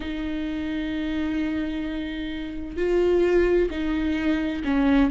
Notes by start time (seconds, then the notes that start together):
0.00 D#4
2.77 F4
3.70 D#4
4.64 C#4